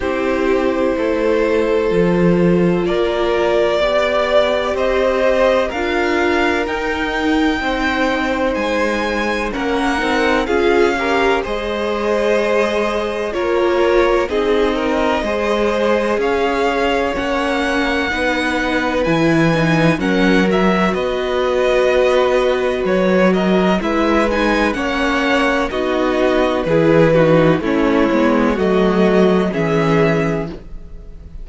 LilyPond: <<
  \new Staff \with { instrumentName = "violin" } { \time 4/4 \tempo 4 = 63 c''2. d''4~ | d''4 dis''4 f''4 g''4~ | g''4 gis''4 fis''4 f''4 | dis''2 cis''4 dis''4~ |
dis''4 f''4 fis''2 | gis''4 fis''8 e''8 dis''2 | cis''8 dis''8 e''8 gis''8 fis''4 dis''4 | b'4 cis''4 dis''4 e''4 | }
  \new Staff \with { instrumentName = "violin" } { \time 4/4 g'4 a'2 ais'4 | d''4 c''4 ais'2 | c''2 ais'4 gis'8 ais'8 | c''2 ais'4 gis'8 ais'8 |
c''4 cis''2 b'4~ | b'4 ais'4 b'2~ | b'8 ais'8 b'4 cis''4 fis'4 | gis'8 fis'8 e'4 fis'4 gis'4 | }
  \new Staff \with { instrumentName = "viola" } { \time 4/4 e'2 f'2 | g'2 f'4 dis'4~ | dis'2 cis'8 dis'8 f'8 g'8 | gis'2 f'4 dis'4 |
gis'2 cis'4 dis'4 | e'8 dis'8 cis'8 fis'2~ fis'8~ | fis'4 e'8 dis'8 cis'4 dis'4 | e'8 dis'8 cis'8 b8 a4 cis'4 | }
  \new Staff \with { instrumentName = "cello" } { \time 4/4 c'4 a4 f4 ais4 | b4 c'4 d'4 dis'4 | c'4 gis4 ais8 c'8 cis'4 | gis2 ais4 c'4 |
gis4 cis'4 ais4 b4 | e4 fis4 b2 | fis4 gis4 ais4 b4 | e4 a8 gis8 fis4 e4 | }
>>